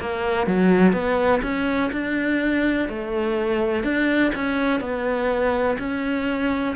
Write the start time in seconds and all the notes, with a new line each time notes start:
0.00 A#3
0.47 F#3
0.93 B3
1.43 C#4
1.92 D4
2.89 A3
3.84 D4
4.35 C#4
4.80 B3
5.79 C#4